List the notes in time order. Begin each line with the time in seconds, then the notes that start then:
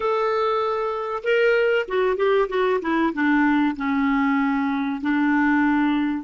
0.00 A4
1.23 A#4
1.88 F#4
2.16 G4
2.49 F#4
2.81 E4
3.13 D4
3.76 C#4
5.01 D4